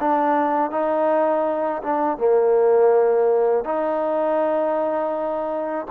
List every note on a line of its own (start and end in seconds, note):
0.00 0.71 D4
0.71 1.82 D#4
1.82 2.17 D4
2.17 3.64 A#3
3.64 5.86 D#4